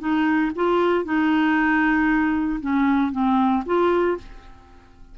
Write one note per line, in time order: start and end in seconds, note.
0.00 0.52 D#4
0.56 1.05 F4
1.05 2.60 D#4
2.61 3.12 C#4
3.12 3.64 C4
3.66 4.18 F4